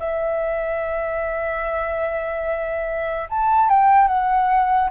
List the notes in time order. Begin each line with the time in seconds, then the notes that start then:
0.00 E5
3.30 A5
3.70 G5
4.08 F#5